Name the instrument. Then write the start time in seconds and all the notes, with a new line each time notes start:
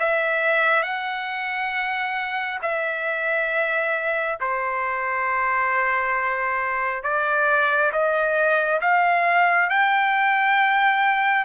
trumpet
0.00 E5
0.83 F#5
2.62 E5
4.41 C5
7.03 D5
7.93 D#5
8.82 F5
9.70 G5